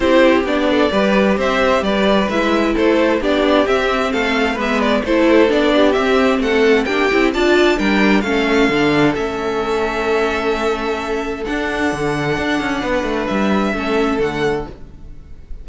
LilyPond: <<
  \new Staff \with { instrumentName = "violin" } { \time 4/4 \tempo 4 = 131 c''4 d''2 e''4 | d''4 e''4 c''4 d''4 | e''4 f''4 e''8 d''8 c''4 | d''4 e''4 fis''4 g''4 |
a''4 g''4 f''2 | e''1~ | e''4 fis''2.~ | fis''4 e''2 fis''4 | }
  \new Staff \with { instrumentName = "violin" } { \time 4/4 g'4. a'8 b'4 c''4 | b'2 a'4 g'4~ | g'4 a'4 b'4 a'4~ | a'8 g'4. a'4 g'4 |
d''4 ais'4 a'2~ | a'1~ | a'1 | b'2 a'2 | }
  \new Staff \with { instrumentName = "viola" } { \time 4/4 e'4 d'4 g'2~ | g'4 e'2 d'4 | c'2 b4 e'4 | d'4 c'2 d'8 e'8 |
f'4 d'4 cis'4 d'4 | cis'1~ | cis'4 d'2.~ | d'2 cis'4 a4 | }
  \new Staff \with { instrumentName = "cello" } { \time 4/4 c'4 b4 g4 c'4 | g4 gis4 a4 b4 | c'4 a4 gis4 a4 | b4 c'4 a4 ais8 c'8 |
d'4 g4 a4 d4 | a1~ | a4 d'4 d4 d'8 cis'8 | b8 a8 g4 a4 d4 | }
>>